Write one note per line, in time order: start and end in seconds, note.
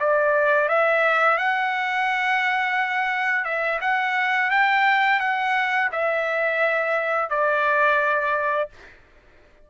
0.00 0.69 D5
0.69 1.38 E5
1.38 3.45 F#5
3.45 3.80 E5
3.82 4.51 F#5
4.51 5.20 G5
5.20 5.90 F#5
5.92 7.30 E5
7.30 8.70 D5